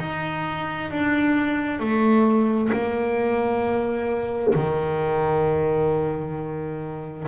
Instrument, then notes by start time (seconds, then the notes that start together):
double bass
0.00 D#4
0.91 D4
1.80 A3
2.73 A#3
4.55 D#3